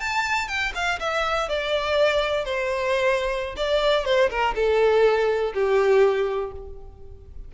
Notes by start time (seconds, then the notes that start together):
0.00 A5
0.48 G5
0.74 F5
0.99 E5
1.49 D5
2.45 C5
3.57 D5
4.05 C5
4.30 A#4
4.55 A4
5.54 G4